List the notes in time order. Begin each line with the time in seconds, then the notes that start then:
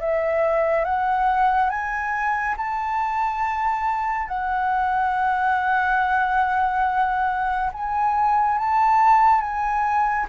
0.00 E5
0.85 F#5
1.69 G#5
2.57 A5
4.27 F#5
7.72 G#5
8.58 A5
9.41 G#5